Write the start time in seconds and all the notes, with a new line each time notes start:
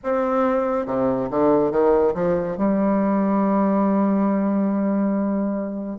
0.03 C4
0.86 C3
1.30 D3
1.71 D#3
2.14 F3
2.57 G3